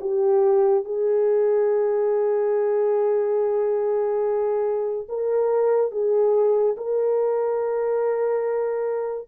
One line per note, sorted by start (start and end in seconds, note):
0.00 0.84 G4
0.84 5.07 G#4
5.08 5.91 A#4
5.91 6.76 G#4
6.76 9.28 A#4